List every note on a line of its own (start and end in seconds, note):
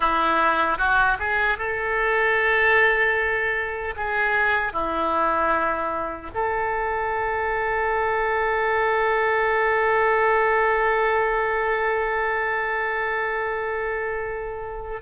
0.00 0.78 E4
0.78 1.17 F#4
1.19 1.58 G#4
1.58 3.94 A4
3.96 4.73 G#4
4.73 6.31 E4
6.34 15.01 A4